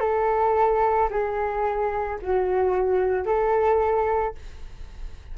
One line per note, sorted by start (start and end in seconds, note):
0.00 1.09 A4
1.10 2.19 G#4
2.22 3.26 F#4
3.26 4.35 A4